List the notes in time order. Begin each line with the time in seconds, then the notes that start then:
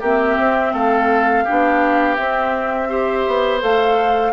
0.00 A#3 C4 G4 E5
0.38 C4
0.73 A3 A4 F5
1.44 D4 G4
1.50 B3
2.15 C4 E5
2.88 G4 C5
3.27 B3
3.60 A3 A4 F5